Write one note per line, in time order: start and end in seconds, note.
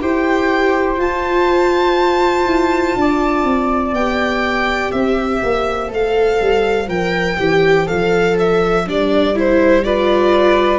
0.00 0.97 E4
0.00 0.97 G4
0.00 2.97 C5
0.00 1.00 G5
0.97 3.92 F4
0.97 2.45 F4
0.97 3.94 A5
2.45 2.95 E4
2.95 3.44 D4
2.95 4.93 D5
3.44 3.92 C4
3.92 4.91 B3
3.92 5.88 G4
3.92 4.91 G5
4.91 5.42 C4
4.91 9.85 C5
4.91 5.90 E5
5.43 5.91 A#3
5.88 6.40 A3
5.88 6.86 A4
5.88 6.89 F5
6.40 6.87 G3
6.87 7.37 F3
6.87 7.37 A#4
6.87 7.87 G5
7.39 7.88 E3
7.39 7.86 G4
7.86 8.87 F3
7.86 8.84 A4
7.86 8.36 F5
8.39 8.88 E5
8.86 10.78 G3
8.86 9.34 D4
8.86 9.38 D5
9.34 9.83 E4
9.34 9.84 C5
9.84 10.78 F4
9.84 10.78 B4
9.84 10.78 D5